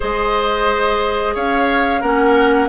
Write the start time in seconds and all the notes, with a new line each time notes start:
0.00 G#3 G#4 C5 D#5
1.35 C#4 C#5 F5
2.01 A#3 C#4 A#4 F#5